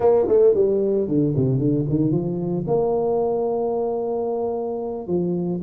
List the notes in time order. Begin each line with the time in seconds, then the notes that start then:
0.00 A#3
0.28 A3
0.54 G3
1.07 D3
1.36 C3
1.58 D3
1.89 D#3
2.11 F3
2.67 A#3
5.07 F3